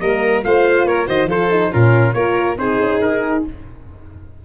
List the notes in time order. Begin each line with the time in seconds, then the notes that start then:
0.00 G3 A#3 A#4 D#5
0.44 A3 F4 C5 F5
0.85 A#3 A#4 C#5
1.07 D#3 F#4 C5 D#5
1.26 F3 F4 A4 C5
1.51 D#4
1.72 A#2 C#4 F4 A#4
2.14 A#3 F4 A#4 C#5
2.58 C4 D#4 G#4 C5
2.81 C#4
3.01 D#4 A#4